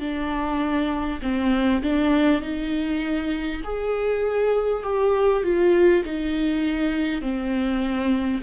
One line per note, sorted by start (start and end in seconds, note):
0.00 1.20 D4
1.22 1.82 C4
1.83 2.42 D4
2.42 3.62 D#4
3.64 4.84 G#4
4.84 5.43 G4
5.43 6.03 F4
6.05 7.22 D#4
7.22 8.42 C4